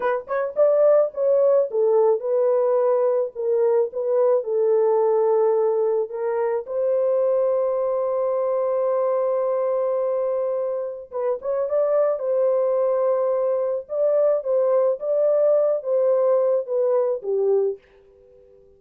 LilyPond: \new Staff \with { instrumentName = "horn" } { \time 4/4 \tempo 4 = 108 b'8 cis''8 d''4 cis''4 a'4 | b'2 ais'4 b'4 | a'2. ais'4 | c''1~ |
c''1 | b'8 cis''8 d''4 c''2~ | c''4 d''4 c''4 d''4~ | d''8 c''4. b'4 g'4 | }